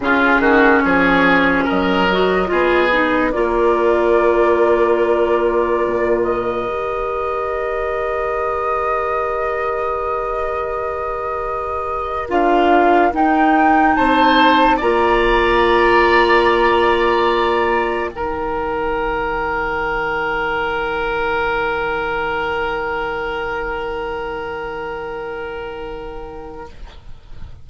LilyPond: <<
  \new Staff \with { instrumentName = "flute" } { \time 4/4 \tempo 4 = 72 gis'4 cis''4 dis''2 | d''2.~ d''8 dis''8~ | dis''1~ | dis''2~ dis''8. f''4 g''16~ |
g''8. a''4 ais''2~ ais''16~ | ais''4.~ ais''16 g''2~ g''16~ | g''1~ | g''1 | }
  \new Staff \with { instrumentName = "oboe" } { \time 4/4 f'8 fis'8 gis'4 ais'4 gis'4 | ais'1~ | ais'1~ | ais'1~ |
ais'8. c''4 d''2~ d''16~ | d''4.~ d''16 ais'2~ ais'16~ | ais'1~ | ais'1 | }
  \new Staff \with { instrumentName = "clarinet" } { \time 4/4 cis'2~ cis'8 fis'8 f'8 dis'8 | f'1 | g'1~ | g'2~ g'8. f'4 dis'16~ |
dis'4.~ dis'16 f'2~ f'16~ | f'4.~ f'16 dis'2~ dis'16~ | dis'1~ | dis'1 | }
  \new Staff \with { instrumentName = "bassoon" } { \time 4/4 cis8 dis8 f4 fis4 b4 | ais2. ais,4 | dis1~ | dis2~ dis8. d'4 dis'16~ |
dis'8. c'4 ais2~ ais16~ | ais4.~ ais16 dis2~ dis16~ | dis1~ | dis1 | }
>>